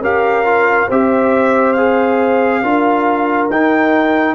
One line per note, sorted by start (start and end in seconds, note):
0.00 0.87 C#4
0.00 0.45 G4
0.00 0.87 A#4
0.00 0.91 F5
0.45 0.88 F4
0.87 2.63 C4
0.87 1.77 G4
0.87 2.61 C5
0.87 1.73 E5
1.73 2.63 G#4
1.73 3.47 F5
2.62 3.50 D4
2.62 3.50 F4
2.62 4.35 A#4
3.50 4.35 D#4
3.50 4.35 G5